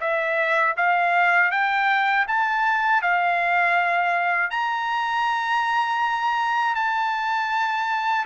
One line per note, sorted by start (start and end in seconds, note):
0.00 0.75 E5
0.77 1.51 F5
1.51 2.26 G5
2.27 3.02 A5
3.02 4.50 F5
4.50 6.75 A#5
6.75 8.25 A5